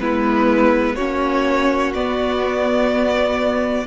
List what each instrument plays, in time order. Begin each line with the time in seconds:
0.00 cello G#3, viola B3, violin E4 B4
0.95 cello A#3, viola C#4, violin F#4 C#5
1.94 cello B3, viola B3, violin D5